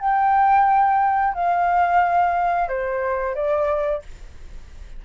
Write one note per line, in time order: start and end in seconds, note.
0.00 1.34 G5
1.34 2.68 F5
2.68 3.35 C5
3.35 4.02 D5